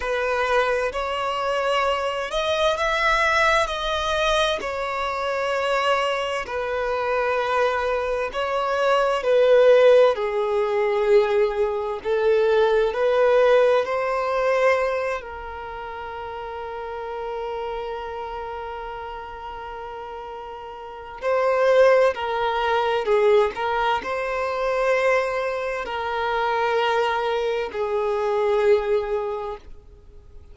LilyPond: \new Staff \with { instrumentName = "violin" } { \time 4/4 \tempo 4 = 65 b'4 cis''4. dis''8 e''4 | dis''4 cis''2 b'4~ | b'4 cis''4 b'4 gis'4~ | gis'4 a'4 b'4 c''4~ |
c''8 ais'2.~ ais'8~ | ais'2. c''4 | ais'4 gis'8 ais'8 c''2 | ais'2 gis'2 | }